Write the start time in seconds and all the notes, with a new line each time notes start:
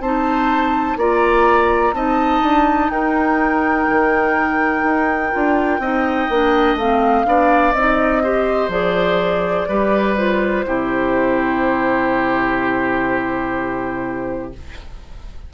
0.00 C4 D#4 C5 A5
0.97 A#3 F4 D5 A#5
1.93 C4 D#4 D#5 A5
2.43 D4
2.90 D#4 A#4 G5
3.90 D#3
4.83 D#4
5.32 D4 F4
5.79 C4 D#4 D#5
6.29 A#3 D4
6.76 A3 C4 F5
7.26 B3 D4 D5
7.73 C4 D#4 D#5
8.23 G4 C5
8.69 F3 G#4 D5
9.68 G3 G4 B4
10.17 F4 C5
10.66 C3 E4 G4